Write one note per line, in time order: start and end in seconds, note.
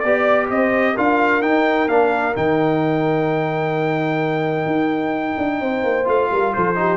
0.00 0.50 B3
0.00 0.97 G4
0.00 0.47 D5
0.00 0.49 D5
0.50 0.97 C4
0.50 0.94 C5
0.50 0.97 D#5
0.94 1.42 D4
0.94 1.42 F4
0.94 5.59 A#4
0.94 1.42 F5
1.42 1.88 D#4
1.42 1.89 D#4
1.42 1.89 G5
1.88 2.35 A#3
1.88 2.34 D4
1.88 2.35 F5
2.34 4.66 D#3
2.34 6.05 D#4
2.34 6.09 G5
4.66 5.36 D#4
5.38 5.61 D4
5.61 5.84 C4
5.61 6.31 C5
5.84 6.07 A#3
6.05 6.31 A3
6.05 6.75 F4
6.05 6.53 F5
6.32 6.55 G3
6.32 6.55 A#4
6.53 6.97 F3
6.53 6.79 A4
6.53 6.97 C5
6.76 6.97 D#4
6.76 6.97 G4